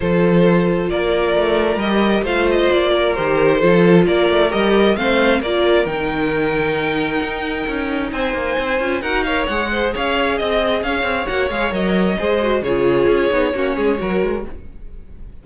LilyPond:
<<
  \new Staff \with { instrumentName = "violin" } { \time 4/4 \tempo 4 = 133 c''2 d''2 | dis''4 f''8 dis''8 d''4 c''4~ | c''4 d''4 dis''4 f''4 | d''4 g''2.~ |
g''2 gis''2 | fis''8 f''8 fis''4 f''4 dis''4 | f''4 fis''8 f''8 dis''2 | cis''1 | }
  \new Staff \with { instrumentName = "violin" } { \time 4/4 a'2 ais'2~ | ais'4 c''4. ais'4. | a'4 ais'2 c''4 | ais'1~ |
ais'2 c''2 | ais'8 cis''4 c''8 cis''4 dis''4 | cis''2. c''4 | gis'2 fis'8 gis'8 ais'4 | }
  \new Staff \with { instrumentName = "viola" } { \time 4/4 f'1 | g'4 f'2 g'4 | f'2 g'4 c'4 | f'4 dis'2.~ |
dis'2.~ dis'8 f'8 | fis'8 ais'8 gis'2.~ | gis'4 fis'8 gis'8 ais'4 gis'8 fis'8 | f'4. dis'8 cis'4 fis'4 | }
  \new Staff \with { instrumentName = "cello" } { \time 4/4 f2 ais4 a4 | g4 a4 ais4 dis4 | f4 ais8 a8 g4 a4 | ais4 dis2. |
dis'4 cis'4 c'8 ais8 c'8 cis'8 | dis'4 gis4 cis'4 c'4 | cis'8 c'8 ais8 gis8 fis4 gis4 | cis4 cis'8 b8 ais8 gis8 fis8 gis8 | }
>>